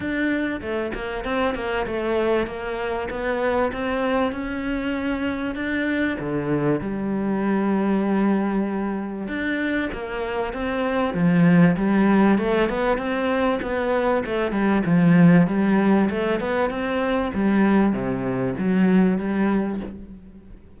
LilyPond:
\new Staff \with { instrumentName = "cello" } { \time 4/4 \tempo 4 = 97 d'4 a8 ais8 c'8 ais8 a4 | ais4 b4 c'4 cis'4~ | cis'4 d'4 d4 g4~ | g2. d'4 |
ais4 c'4 f4 g4 | a8 b8 c'4 b4 a8 g8 | f4 g4 a8 b8 c'4 | g4 c4 fis4 g4 | }